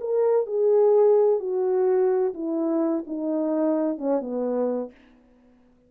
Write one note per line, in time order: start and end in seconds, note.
0.00 0.46 A#4
0.46 1.40 G#4
1.40 2.33 F#4
2.34 3.04 E4
3.07 3.98 D#4
3.98 4.21 C#4
4.21 4.91 B3